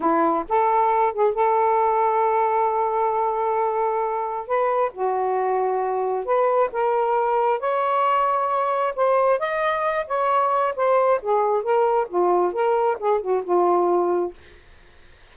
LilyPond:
\new Staff \with { instrumentName = "saxophone" } { \time 4/4 \tempo 4 = 134 e'4 a'4. gis'8 a'4~ | a'1~ | a'2 b'4 fis'4~ | fis'2 b'4 ais'4~ |
ais'4 cis''2. | c''4 dis''4. cis''4. | c''4 gis'4 ais'4 f'4 | ais'4 gis'8 fis'8 f'2 | }